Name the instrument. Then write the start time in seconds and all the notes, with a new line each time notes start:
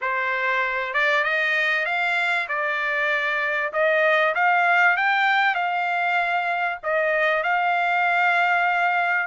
trumpet
0.01 C5
0.93 D5
1.24 D#5
1.85 F5
2.48 D5
3.72 D#5
4.35 F5
4.97 G5
5.54 F5
6.83 D#5
7.43 F5